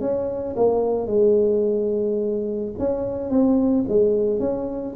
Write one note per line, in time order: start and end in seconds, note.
0.00 0.55 C#4
0.56 1.07 A#3
1.07 2.72 G#3
2.79 3.30 C#4
3.30 3.85 C4
3.88 4.40 G#3
4.40 4.95 C#4